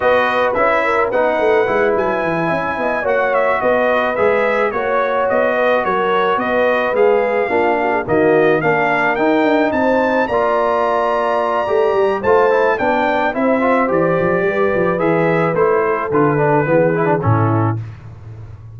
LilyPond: <<
  \new Staff \with { instrumentName = "trumpet" } { \time 4/4 \tempo 4 = 108 dis''4 e''4 fis''4. gis''8~ | gis''4. fis''8 e''8 dis''4 e''8~ | e''8 cis''4 dis''4 cis''4 dis''8~ | dis''8 f''2 dis''4 f''8~ |
f''8 g''4 a''4 ais''4.~ | ais''2 a''4 g''4 | e''4 d''2 e''4 | c''4 b'2 a'4 | }
  \new Staff \with { instrumentName = "horn" } { \time 4/4 b'4. ais'8 b'2~ | b'8 e''8 dis''8 cis''4 b'4.~ | b'8 cis''4. b'8 ais'4 b'8~ | b'4. f'8 fis'16 gis'16 fis'4 ais'8~ |
ais'4. c''4 d''4.~ | d''2 c''4 d''4 | c''2 b'2~ | b'8 a'4. gis'4 e'4 | }
  \new Staff \with { instrumentName = "trombone" } { \time 4/4 fis'4 e'4 dis'4 e'4~ | e'4. fis'2 gis'8~ | gis'8 fis'2.~ fis'8~ | fis'8 gis'4 d'4 ais4 d'8~ |
d'8 dis'2 f'4.~ | f'4 g'4 f'8 e'8 d'4 | e'8 f'8 g'2 gis'4 | e'4 f'8 d'8 b8 e'16 d'16 cis'4 | }
  \new Staff \with { instrumentName = "tuba" } { \time 4/4 b4 cis'4 b8 a8 gis8 fis8 | e8 cis'8 b8 ais4 b4 gis8~ | gis8 ais4 b4 fis4 b8~ | b8 gis4 ais4 dis4 ais8~ |
ais8 dis'8 d'8 c'4 ais4.~ | ais4 a8 g8 a4 b4 | c'4 e8 f8 g8 f8 e4 | a4 d4 e4 a,4 | }
>>